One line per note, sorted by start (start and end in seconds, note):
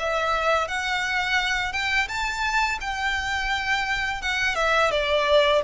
0.00 0.68 E5
0.68 1.73 F#5
1.73 2.08 G5
2.09 2.79 A5
2.81 4.22 G5
4.22 4.56 F#5
4.56 4.91 E5
4.92 5.62 D5